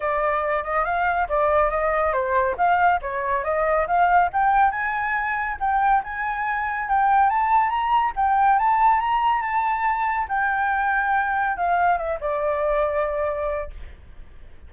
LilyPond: \new Staff \with { instrumentName = "flute" } { \time 4/4 \tempo 4 = 140 d''4. dis''8 f''4 d''4 | dis''4 c''4 f''4 cis''4 | dis''4 f''4 g''4 gis''4~ | gis''4 g''4 gis''2 |
g''4 a''4 ais''4 g''4 | a''4 ais''4 a''2 | g''2. f''4 | e''8 d''2.~ d''8 | }